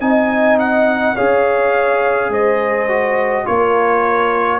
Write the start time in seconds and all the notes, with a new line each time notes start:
0.00 C4 D#4 D#5 G#5
0.59 F#5
1.15 C#4 G#4 C#5 F5
2.29 G#3 C5 D#5
2.88 F#4
3.45 A#3 F4 A#4 C#5